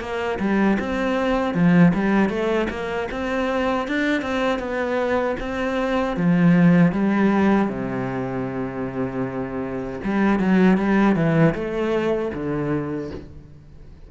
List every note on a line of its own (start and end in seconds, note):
0.00 0.38 A#3
0.39 0.78 G3
0.79 1.54 C4
1.54 1.92 F3
1.94 2.29 G3
2.29 2.67 A3
2.70 3.08 A#3
3.11 3.88 C4
3.88 4.22 D4
4.22 4.59 C4
4.59 5.36 B3
5.40 6.16 C4
6.16 6.92 F3
6.92 7.69 G3
7.69 9.99 C3
10.04 10.39 G3
10.39 10.77 F#3
10.77 11.15 G3
11.16 11.54 E3
11.55 12.31 A3
12.34 13.10 D3